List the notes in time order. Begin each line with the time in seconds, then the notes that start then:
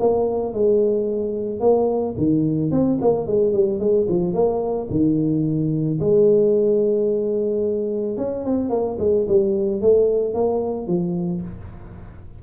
0.00 A#3
0.54 G#3
1.60 A#3
2.18 D#3
2.71 C4
3.01 A#3
3.27 G#3
3.53 G3
3.80 G#3
4.09 F3
4.34 A#3
4.91 D#3
6.00 G#3
8.18 C#4
8.45 C4
8.70 A#3
8.99 G#3
9.29 G3
9.82 A3
10.34 A#3
10.87 F3